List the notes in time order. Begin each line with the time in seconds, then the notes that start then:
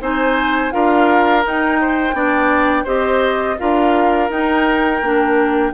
0.00 C4 D#4 C5 G#5
0.71 D4 F4 A#4 F5
1.43 D#4 G5
1.81 C5
2.14 B3 D4 D5
2.84 C4 G4 C5 D#5
3.59 D4 F4 A#4 F5
4.29 D#4 G5
5.01 A#3 D4